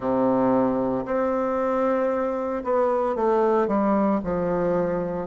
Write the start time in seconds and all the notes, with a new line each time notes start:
0.00 C3
1.05 C4
2.64 B3
3.15 A3
3.67 G3
4.23 F3